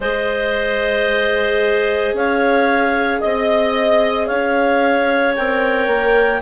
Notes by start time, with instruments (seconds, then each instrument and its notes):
0.00 bassoon G#3, viola G#4, clarinet C5 D#5
2.13 bassoon C#4, clarinet C#5 F5
3.20 bassoon C4, clarinet D#5
4.26 bassoon C#4, clarinet C#5 F5
5.35 bassoon C4, viola A#4, clarinet G5
5.87 bassoon A#3